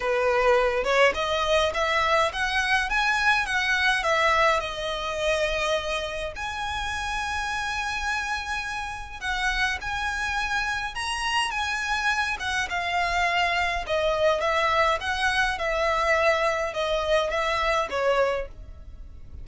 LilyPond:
\new Staff \with { instrumentName = "violin" } { \time 4/4 \tempo 4 = 104 b'4. cis''8 dis''4 e''4 | fis''4 gis''4 fis''4 e''4 | dis''2. gis''4~ | gis''1 |
fis''4 gis''2 ais''4 | gis''4. fis''8 f''2 | dis''4 e''4 fis''4 e''4~ | e''4 dis''4 e''4 cis''4 | }